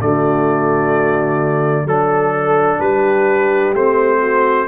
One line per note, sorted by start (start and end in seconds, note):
0.00 1.85 D3
0.00 1.87 A3
0.00 1.85 F#4
0.00 1.88 D5
1.85 2.78 F#3
1.85 3.75 D4
1.85 2.79 A4
1.85 2.80 A4
2.79 3.73 G3
2.79 4.20 G4
2.79 3.74 B4
3.74 4.67 A3
3.74 4.67 C4
3.74 4.67 C5
4.20 4.67 F#4